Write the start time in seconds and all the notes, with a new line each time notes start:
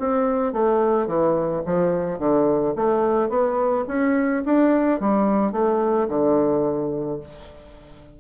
0.00 C4
0.53 A3
1.08 E3
1.66 F3
2.19 D3
2.76 A3
3.30 B3
3.88 C#4
4.46 D4
5.01 G3
5.53 A3
6.09 D3